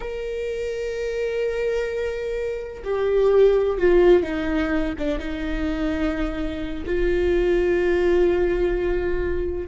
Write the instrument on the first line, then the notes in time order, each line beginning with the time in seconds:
viola
0.00 A#4
2.83 G4
3.78 F4
4.22 D#4
4.98 D4
5.18 D#4
6.85 F4